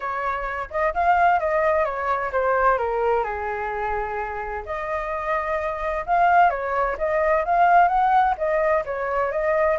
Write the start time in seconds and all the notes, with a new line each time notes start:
0.00 C#5
0.70 D#5
0.93 F5
1.39 D#5
1.84 C#5
2.32 C5
2.78 A#4
3.23 G#4
4.65 D#5
6.05 F5
6.49 C#5
6.97 D#5
7.45 F5
7.88 F#5
8.37 D#5
8.85 C#5
9.31 D#5